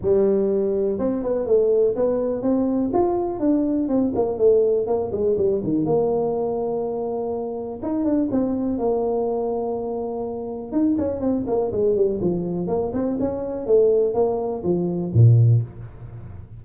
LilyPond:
\new Staff \with { instrumentName = "tuba" } { \time 4/4 \tempo 4 = 123 g2 c'8 b8 a4 | b4 c'4 f'4 d'4 | c'8 ais8 a4 ais8 gis8 g8 dis8 | ais1 |
dis'8 d'8 c'4 ais2~ | ais2 dis'8 cis'8 c'8 ais8 | gis8 g8 f4 ais8 c'8 cis'4 | a4 ais4 f4 ais,4 | }